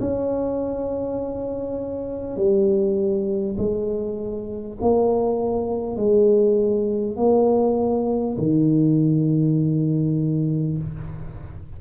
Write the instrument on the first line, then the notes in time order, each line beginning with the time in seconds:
tuba
0.00 C#4
2.36 G3
3.58 G#3
4.81 A#3
5.96 G#3
7.16 A#3
8.38 D#3